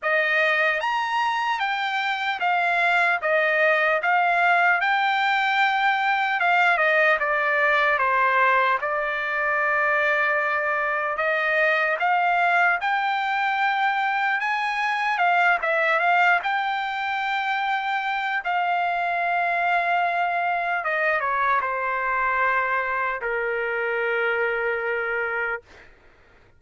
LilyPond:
\new Staff \with { instrumentName = "trumpet" } { \time 4/4 \tempo 4 = 75 dis''4 ais''4 g''4 f''4 | dis''4 f''4 g''2 | f''8 dis''8 d''4 c''4 d''4~ | d''2 dis''4 f''4 |
g''2 gis''4 f''8 e''8 | f''8 g''2~ g''8 f''4~ | f''2 dis''8 cis''8 c''4~ | c''4 ais'2. | }